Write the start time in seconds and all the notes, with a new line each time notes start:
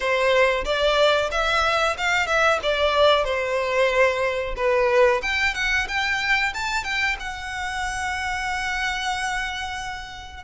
0.00 C5
0.64 D5
1.31 E5
1.97 F5
2.26 E5
2.62 D5
3.24 C5
4.56 B4
5.22 G5
5.54 F#5
5.88 G5
6.54 A5
6.84 G5
7.19 F#5